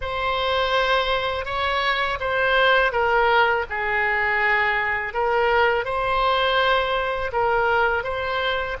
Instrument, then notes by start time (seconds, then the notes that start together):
oboe
0.01 C5
1.45 C#5
2.20 C5
2.92 A#4
3.69 G#4
5.13 A#4
5.84 C5
7.32 A#4
8.03 C5